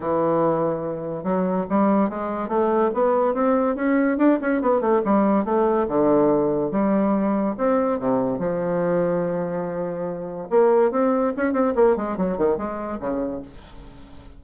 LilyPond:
\new Staff \with { instrumentName = "bassoon" } { \time 4/4 \tempo 4 = 143 e2. fis4 | g4 gis4 a4 b4 | c'4 cis'4 d'8 cis'8 b8 a8 | g4 a4 d2 |
g2 c'4 c4 | f1~ | f4 ais4 c'4 cis'8 c'8 | ais8 gis8 fis8 dis8 gis4 cis4 | }